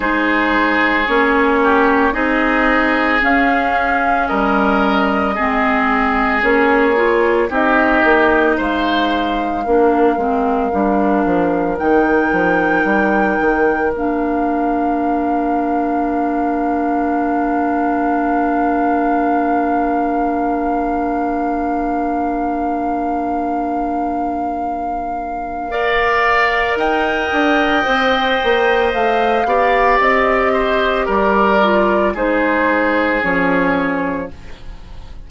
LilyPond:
<<
  \new Staff \with { instrumentName = "flute" } { \time 4/4 \tempo 4 = 56 c''4 cis''4 dis''4 f''4 | dis''2 cis''4 dis''4 | f''2. g''4~ | g''4 f''2.~ |
f''1~ | f''1~ | f''4 g''2 f''4 | dis''4 d''4 c''4 cis''4 | }
  \new Staff \with { instrumentName = "oboe" } { \time 4/4 gis'4. g'8 gis'2 | ais'4 gis'2 g'4 | c''4 ais'2.~ | ais'1~ |
ais'1~ | ais'1 | d''4 dis''2~ dis''8 d''8~ | d''8 c''8 ais'4 gis'2 | }
  \new Staff \with { instrumentName = "clarinet" } { \time 4/4 dis'4 cis'4 dis'4 cis'4~ | cis'4 c'4 cis'8 f'8 dis'4~ | dis'4 d'8 c'8 d'4 dis'4~ | dis'4 d'2.~ |
d'1~ | d'1 | ais'2 c''4. g'8~ | g'4. f'8 dis'4 cis'4 | }
  \new Staff \with { instrumentName = "bassoon" } { \time 4/4 gis4 ais4 c'4 cis'4 | g4 gis4 ais4 c'8 ais8 | gis4 ais8 gis8 g8 f8 dis8 f8 | g8 dis8 ais2.~ |
ais1~ | ais1~ | ais4 dis'8 d'8 c'8 ais8 a8 b8 | c'4 g4 gis4 f4 | }
>>